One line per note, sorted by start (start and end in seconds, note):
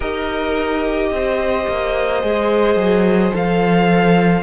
0.00 1.11 D#4
0.00 2.21 G4
0.00 1.10 A#4
0.00 3.34 D#5
1.11 1.66 C4
1.11 4.43 C5
1.68 2.23 A#3
2.21 2.75 G#3
2.21 3.32 G#4
2.75 3.31 F#3
3.32 4.43 F3
3.32 4.43 A4
3.32 4.43 F5